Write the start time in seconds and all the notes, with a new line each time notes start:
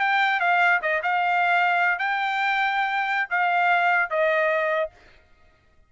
0.00 G5
0.40 F5
0.82 D#5
1.03 F5
1.99 G5
3.30 F5
4.10 D#5